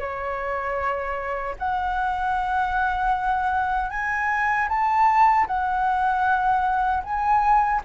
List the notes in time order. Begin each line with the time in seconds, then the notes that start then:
0.00 C#5
1.59 F#5
3.91 G#5
4.69 A5
5.48 F#5
7.04 G#5